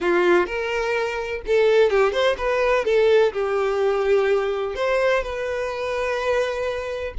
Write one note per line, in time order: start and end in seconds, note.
0.00 0.46 F4
0.46 1.41 A#4
1.46 1.90 A4
1.90 2.12 G4
2.12 2.36 C5
2.37 2.84 B4
2.84 3.32 A4
3.32 4.75 G4
4.75 5.23 C5
5.23 7.13 B4